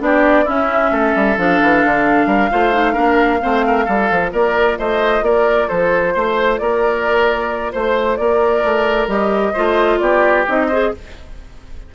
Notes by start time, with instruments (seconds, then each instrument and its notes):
0.00 bassoon B3, clarinet D4, oboe G4, flute D5
0.45 clarinet C#4, bassoon C#4, oboe E4, flute E5
0.91 bassoon A3, oboe A4
1.16 bassoon G3
1.38 bassoon F3, clarinet D4, flute F5
1.62 bassoon E3
1.85 bassoon D3
2.26 bassoon G3, oboe A#4
2.51 bassoon A3, clarinet F4, oboe C5
2.73 clarinet D#4
2.93 bassoon A#3, clarinet D4, oboe A#4
3.42 bassoon A3, clarinet C4, oboe C5
3.67 oboe A#4
3.85 bassoon G3, clarinet F4, oboe A4
4.11 bassoon F3
4.33 bassoon A#3, oboe A#4, flute D5
4.79 bassoon A3, oboe C5, flute D#5
5.22 bassoon A#3, oboe A#4, flute D5
5.68 bassoon F3, oboe A4, flute C5
6.14 bassoon A3, oboe C5
6.58 bassoon A#3, oboe A#4, flute D5
7.72 bassoon A3, oboe C5, flute C5
8.17 bassoon A#3, oboe A#4, flute D5
8.64 bassoon A3
9.07 bassoon G3, clarinet G4, flute D#5
9.53 bassoon A3, clarinet F4, oboe C5
9.99 bassoon B3, oboe G4, flute D5
10.48 bassoon C4, clarinet D#4, flute D#5
10.67 clarinet G#4, oboe C5